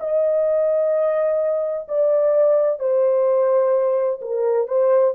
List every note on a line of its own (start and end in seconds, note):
0.00 1.87 D#5
1.88 2.80 D5
2.80 4.21 C5
4.21 4.68 A#4
4.68 5.15 C5